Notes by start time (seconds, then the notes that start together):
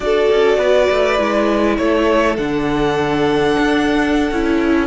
0.00 D4 F#4 A4 D5
0.31 C#4
0.57 B3 B4
0.90 A3
1.18 G#3 E4
1.77 A3 A4 C#5
2.37 D3 D4 F#5
3.58 D4
4.31 C#4 E4